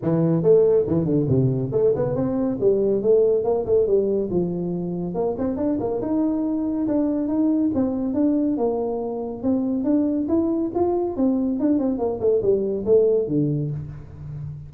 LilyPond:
\new Staff \with { instrumentName = "tuba" } { \time 4/4 \tempo 4 = 140 e4 a4 e8 d8 c4 | a8 b8 c'4 g4 a4 | ais8 a8 g4 f2 | ais8 c'8 d'8 ais8 dis'2 |
d'4 dis'4 c'4 d'4 | ais2 c'4 d'4 | e'4 f'4 c'4 d'8 c'8 | ais8 a8 g4 a4 d4 | }